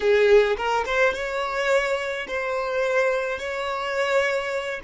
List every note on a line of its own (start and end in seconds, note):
0.00 0.56 G#4
0.56 0.85 A#4
0.85 1.13 C5
1.13 2.26 C#5
2.27 3.39 C5
3.39 4.80 C#5